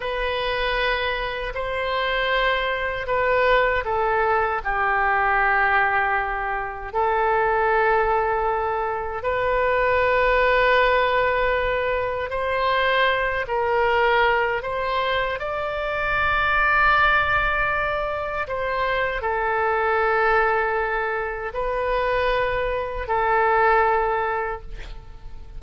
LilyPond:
\new Staff \with { instrumentName = "oboe" } { \time 4/4 \tempo 4 = 78 b'2 c''2 | b'4 a'4 g'2~ | g'4 a'2. | b'1 |
c''4. ais'4. c''4 | d''1 | c''4 a'2. | b'2 a'2 | }